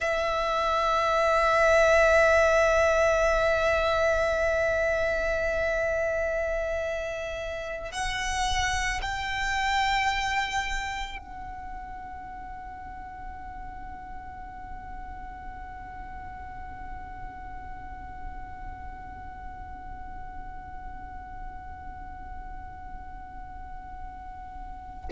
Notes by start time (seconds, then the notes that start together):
0.00 E5
7.91 F#5
9.01 G5
11.18 F#5